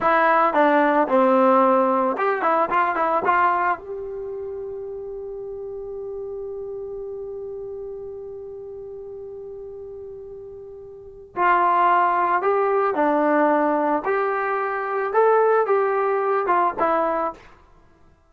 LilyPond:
\new Staff \with { instrumentName = "trombone" } { \time 4/4 \tempo 4 = 111 e'4 d'4 c'2 | g'8 e'8 f'8 e'8 f'4 g'4~ | g'1~ | g'1~ |
g'1~ | g'4 f'2 g'4 | d'2 g'2 | a'4 g'4. f'8 e'4 | }